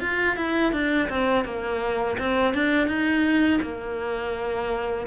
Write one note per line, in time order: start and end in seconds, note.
0.00 0.36 F4
0.36 0.72 E4
0.72 1.08 D4
1.09 1.45 C4
1.45 2.17 A#3
2.18 2.54 C4
2.54 2.87 D4
2.87 3.59 D#4
3.62 5.06 A#3